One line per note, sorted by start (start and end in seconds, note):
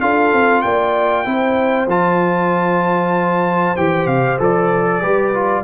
0.00 0.32 D4
0.00 1.25 F4
0.00 0.63 A4
0.00 0.61 F5
0.33 0.64 C4
0.61 1.26 A#3
0.61 1.26 D5
0.61 1.86 G5
1.25 1.87 C4
1.25 1.87 E4
1.25 5.00 C5
1.87 3.74 F3
1.87 3.76 F4
1.87 3.76 A5
3.76 4.06 E3
3.76 4.39 G4
3.76 4.07 G5
4.06 4.37 C3
4.06 4.38 F5
4.39 5.01 F3
4.39 5.01 A4
4.39 5.64 D5
5.00 5.64 G3
5.00 5.33 G4
5.00 5.63 B4
5.33 5.64 F4